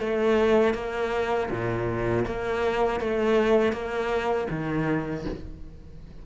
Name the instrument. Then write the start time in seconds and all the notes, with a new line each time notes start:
cello
0.00 A3
0.75 A#3
1.51 A#2
2.27 A#3
3.01 A3
3.73 A#3
4.51 D#3